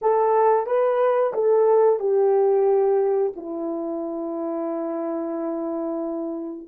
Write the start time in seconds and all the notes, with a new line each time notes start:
0.01 A4
0.66 B4
1.33 A4
1.99 G4
3.36 E4